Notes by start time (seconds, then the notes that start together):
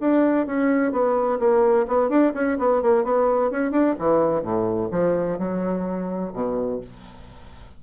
0.00 D4
0.46 C#4
0.92 B3
1.39 A#3
1.87 B3
2.09 D4
2.34 C#4
2.58 B3
2.82 A#3
3.04 B3
3.50 C#4
3.71 D4
3.99 E3
4.42 A2
4.91 F3
5.38 F#3
6.33 B2